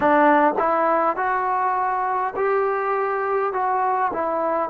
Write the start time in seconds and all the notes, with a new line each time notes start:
0.00 D4
0.59 E4
1.16 F#4
2.35 G4
3.52 F#4
4.13 E4